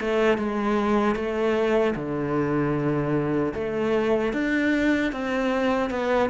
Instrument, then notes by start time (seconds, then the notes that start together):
cello
0.00 A3
0.38 G#3
1.15 A3
1.95 D3
3.54 A3
4.33 D4
5.12 C4
5.90 B3